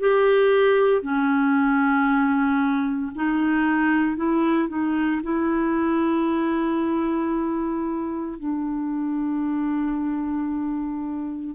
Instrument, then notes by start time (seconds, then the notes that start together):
clarinet
0.00 G4
1.02 C#4
3.16 D#4
4.17 E4
4.69 D#4
5.23 E4
8.39 D4